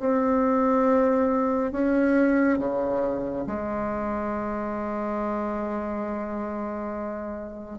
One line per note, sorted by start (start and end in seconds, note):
0.00 1.72 C4
1.72 2.59 C#4
2.59 3.46 C#3
3.47 7.79 G#3